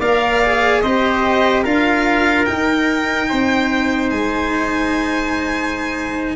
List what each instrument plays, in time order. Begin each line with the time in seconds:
0.00 tuba A#3, cello A#4, trumpet D5, violin F5
0.45 cello G#4
0.82 tuba C4, cello G4, trumpet C5, violin D#5
1.64 tuba D4, cello F4, trumpet A#4, violin F5
2.46 cello D#4, tuba D#4, violin G5
3.30 tuba C4, trumpet C5
4.11 tuba G#3, violin G#5